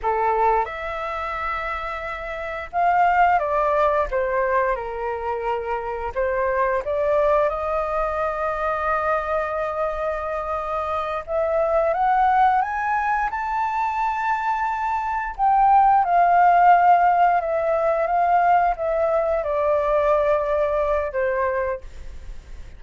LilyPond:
\new Staff \with { instrumentName = "flute" } { \time 4/4 \tempo 4 = 88 a'4 e''2. | f''4 d''4 c''4 ais'4~ | ais'4 c''4 d''4 dis''4~ | dis''1~ |
dis''8 e''4 fis''4 gis''4 a''8~ | a''2~ a''8 g''4 f''8~ | f''4. e''4 f''4 e''8~ | e''8 d''2~ d''8 c''4 | }